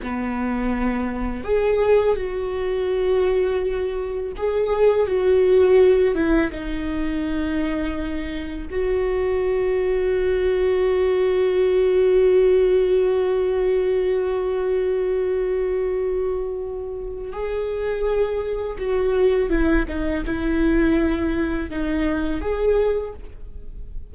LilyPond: \new Staff \with { instrumentName = "viola" } { \time 4/4 \tempo 4 = 83 b2 gis'4 fis'4~ | fis'2 gis'4 fis'4~ | fis'8 e'8 dis'2. | fis'1~ |
fis'1~ | fis'1 | gis'2 fis'4 e'8 dis'8 | e'2 dis'4 gis'4 | }